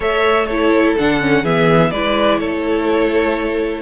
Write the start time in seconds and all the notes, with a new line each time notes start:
0.00 A3 A4 C#5 E5
0.46 E4 A4 C#5
0.98 D3 D4 F#5
1.20 C#4
1.42 E3 B3 G#4 E5
1.90 G#3 E4 B4 D5
2.39 A3 A4 C#5